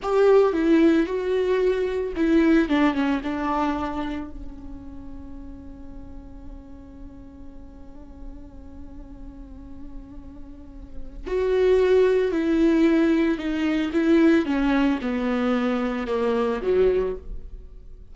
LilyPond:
\new Staff \with { instrumentName = "viola" } { \time 4/4 \tempo 4 = 112 g'4 e'4 fis'2 | e'4 d'8 cis'8 d'2 | cis'1~ | cis'1~ |
cis'1~ | cis'4 fis'2 e'4~ | e'4 dis'4 e'4 cis'4 | b2 ais4 fis4 | }